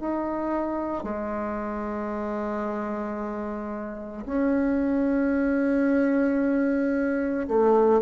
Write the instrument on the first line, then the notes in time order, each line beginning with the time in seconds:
bassoon
0.00 D#4
1.03 G#3
4.26 C#4
7.48 A3